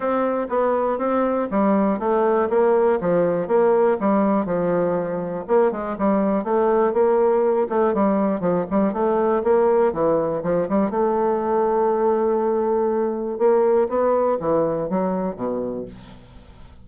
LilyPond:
\new Staff \with { instrumentName = "bassoon" } { \time 4/4 \tempo 4 = 121 c'4 b4 c'4 g4 | a4 ais4 f4 ais4 | g4 f2 ais8 gis8 | g4 a4 ais4. a8 |
g4 f8 g8 a4 ais4 | e4 f8 g8 a2~ | a2. ais4 | b4 e4 fis4 b,4 | }